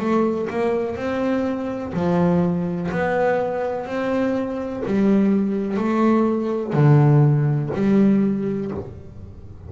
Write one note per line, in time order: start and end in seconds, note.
0.00 0.48 A3
0.50 0.96 A#3
0.96 1.93 C4
1.94 2.90 F3
2.92 3.86 B3
3.86 4.83 C4
4.86 5.78 G3
5.78 6.73 A3
6.73 7.70 D3
7.75 8.71 G3